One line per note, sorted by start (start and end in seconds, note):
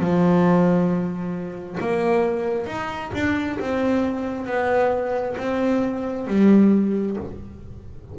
0.00 1.79 F3
1.81 2.67 A#3
2.67 3.11 D#4
3.14 3.59 D4
3.60 4.47 C4
4.47 5.36 B3
5.38 6.27 C4
6.27 7.17 G3